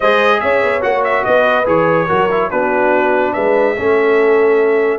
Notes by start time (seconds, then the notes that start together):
0.00 G#3 G#4 C5 D#5
0.40 C#4 C#5 E5
0.62 B3
0.81 A#3 F#4 F#5
1.04 E5
1.24 B3 B4 D#5
1.65 E3 G#4 C#5
2.07 F#3 F#4 A#4
2.31 E4
2.50 B3 D4 F#4 B4
3.33 G#3 B4 E5
3.77 A3 C#4 A4